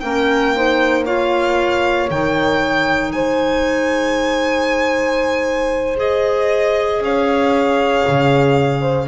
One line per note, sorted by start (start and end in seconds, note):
0.00 2.09 A#3
0.00 0.55 C#4
0.00 0.55 A#4
0.00 1.03 G5
0.55 1.06 D#4
0.55 1.05 C5
1.05 2.09 F4
1.05 3.12 C#5
1.05 2.09 F5
2.10 3.12 D#3
2.10 5.96 D#4
2.10 3.12 G5
3.12 7.00 G#3
3.12 7.03 C5
3.12 5.96 G#5
5.96 9.06 G#4
5.96 7.03 D#5
7.00 8.03 C#4
7.00 8.81 C#5
7.00 9.08 F5
8.07 9.08 C#3
8.81 9.07 C5